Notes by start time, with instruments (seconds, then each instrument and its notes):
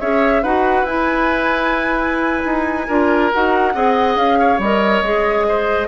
0.00 bassoon C#4, clarinet G#4, oboe C#5, flute E5
0.42 bassoon D#4, clarinet F#4, oboe B4, flute F#5
0.82 bassoon E4, clarinet E4, flute G#5
2.45 bassoon D#4
2.87 bassoon D4, clarinet F4, oboe A#4
3.33 bassoon D#4, clarinet F#4, flute F#5
3.74 bassoon C4, clarinet G#4, oboe D#5
4.16 bassoon C#4, flute F5
4.39 oboe C#5
4.58 bassoon G3, clarinet A#4, flute D#5
5.02 bassoon G#3, clarinet G#4
5.48 oboe C5